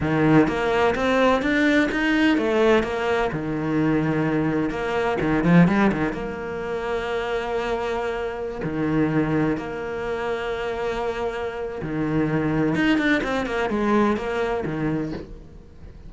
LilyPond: \new Staff \with { instrumentName = "cello" } { \time 4/4 \tempo 4 = 127 dis4 ais4 c'4 d'4 | dis'4 a4 ais4 dis4~ | dis2 ais4 dis8 f8 | g8 dis8 ais2.~ |
ais2~ ais16 dis4.~ dis16~ | dis16 ais2.~ ais8.~ | ais4 dis2 dis'8 d'8 | c'8 ais8 gis4 ais4 dis4 | }